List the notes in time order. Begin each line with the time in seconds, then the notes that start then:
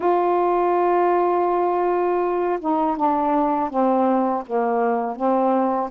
0.00 F4
2.59 D#4
2.96 D4
3.70 C4
4.46 A#3
5.15 C4